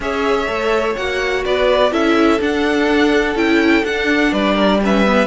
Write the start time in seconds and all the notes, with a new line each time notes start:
0.00 C#4 G#4 C#5 E5
0.47 A3 A4
0.96 A#3 F#4 F#5
1.44 B3 B4 D5
1.91 C#4 E4 A4 E5
2.39 D4 F#5
3.35 C#4 E4 G5
3.84 D4 F#5
4.31 G3 B4 D5
4.54 A#4
4.82 C#4 B4 E5
5.05 B3